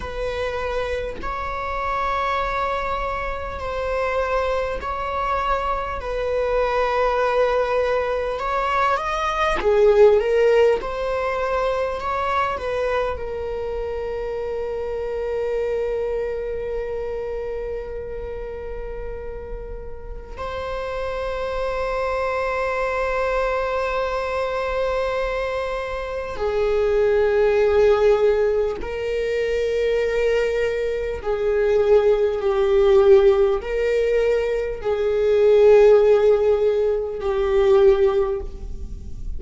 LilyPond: \new Staff \with { instrumentName = "viola" } { \time 4/4 \tempo 4 = 50 b'4 cis''2 c''4 | cis''4 b'2 cis''8 dis''8 | gis'8 ais'8 c''4 cis''8 b'8 ais'4~ | ais'1~ |
ais'4 c''2.~ | c''2 gis'2 | ais'2 gis'4 g'4 | ais'4 gis'2 g'4 | }